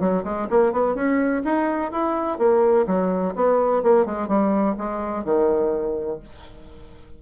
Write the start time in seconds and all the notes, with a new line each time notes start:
0.00 F#3
0.24 G#3
0.50 A#3
0.73 B3
0.95 C#4
1.45 D#4
1.92 E4
2.39 A#3
2.87 F#3
3.35 B3
3.83 A#3
4.06 G#3
4.28 G3
4.78 G#3
5.24 D#3